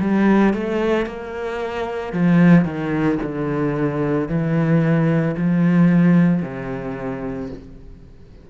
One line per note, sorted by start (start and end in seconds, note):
0.00 0.53 G3
0.53 1.06 A3
1.06 2.12 A#3
2.12 2.64 F3
2.64 3.18 D#3
3.22 4.28 D3
4.28 5.35 E3
5.36 6.42 F3
6.42 7.49 C3